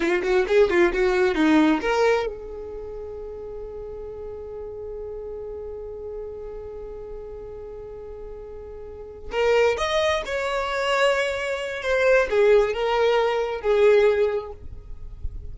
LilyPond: \new Staff \with { instrumentName = "violin" } { \time 4/4 \tempo 4 = 132 f'8 fis'8 gis'8 f'8 fis'4 dis'4 | ais'4 gis'2.~ | gis'1~ | gis'1~ |
gis'1~ | gis'8 ais'4 dis''4 cis''4.~ | cis''2 c''4 gis'4 | ais'2 gis'2 | }